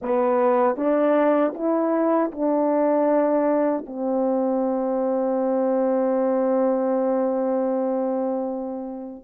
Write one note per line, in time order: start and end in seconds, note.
0.01 0.76 B3
0.76 1.53 D4
1.54 2.31 E4
2.31 3.85 D4
3.86 9.24 C4